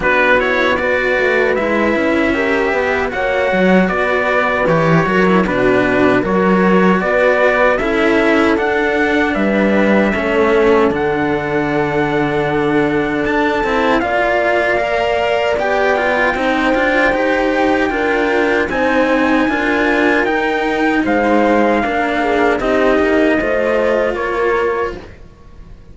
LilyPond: <<
  \new Staff \with { instrumentName = "trumpet" } { \time 4/4 \tempo 4 = 77 b'8 cis''8 d''4 e''2 | fis''4 d''4 cis''4 b'4 | cis''4 d''4 e''4 fis''4 | e''2 fis''2~ |
fis''4 a''4 f''2 | g''1 | gis''2 g''4 f''4~ | f''4 dis''2 cis''4 | }
  \new Staff \with { instrumentName = "horn" } { \time 4/4 fis'4 b'2 ais'8 b'8 | cis''4 b'4. ais'8 fis'4 | ais'4 b'4 a'2 | b'4 a'2.~ |
a'2 d''2~ | d''4 c''2 ais'4 | c''4 ais'2 c''4 | ais'8 gis'8 g'4 c''4 ais'4 | }
  \new Staff \with { instrumentName = "cello" } { \time 4/4 d'8 e'8 fis'4 e'4 g'4 | fis'2 g'8 fis'16 e'16 d'4 | fis'2 e'4 d'4~ | d'4 cis'4 d'2~ |
d'4. e'8 f'4 ais'4 | g'8 f'8 dis'8 f'8 g'4 f'4 | dis'4 f'4 dis'2 | d'4 dis'4 f'2 | }
  \new Staff \with { instrumentName = "cello" } { \time 4/4 b4. a8 gis8 cis'4 b8 | ais8 fis8 b4 e8 fis8 b,4 | fis4 b4 cis'4 d'4 | g4 a4 d2~ |
d4 d'8 c'8 ais2 | b4 c'8 d'8 dis'4 d'4 | c'4 d'4 dis'4 gis4 | ais4 c'8 ais8 a4 ais4 | }
>>